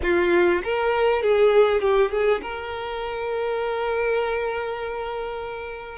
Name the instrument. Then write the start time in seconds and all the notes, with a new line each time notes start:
violin
0.02 F4
0.63 A#4
1.22 G#4
1.81 G4
2.11 G#4
2.42 A#4